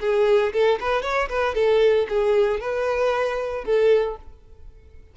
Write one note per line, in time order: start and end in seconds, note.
0.00 0.52 G#4
0.53 0.79 A4
0.80 1.02 B4
1.02 1.28 C#5
1.29 1.54 B4
1.54 2.07 A4
2.09 2.60 G#4
2.60 3.64 B4
3.64 4.16 A4